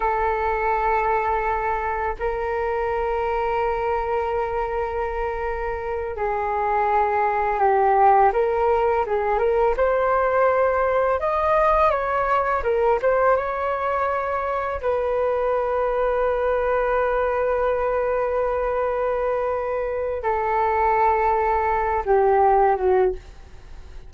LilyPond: \new Staff \with { instrumentName = "flute" } { \time 4/4 \tempo 4 = 83 a'2. ais'4~ | ais'1~ | ais'8 gis'2 g'4 ais'8~ | ais'8 gis'8 ais'8 c''2 dis''8~ |
dis''8 cis''4 ais'8 c''8 cis''4.~ | cis''8 b'2.~ b'8~ | b'1 | a'2~ a'8 g'4 fis'8 | }